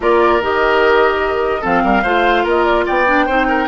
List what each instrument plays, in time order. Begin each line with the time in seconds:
0.00 bassoon A#3, clarinet F4, oboe A#4, flute D5
0.40 bassoon D#3, clarinet G4, flute D#5
1.61 bassoon F3, clarinet C4, oboe A4, flute F5
1.84 bassoon G3, oboe A#4
2.02 bassoon A3, clarinet F4, oboe C5
2.43 bassoon A#3, oboe A#4, flute D#5
2.64 flute D5
2.86 bassoon B3, oboe D5, flute G5
3.06 clarinet D4
3.26 bassoon C4, clarinet D#4, oboe C5
3.48 oboe A#4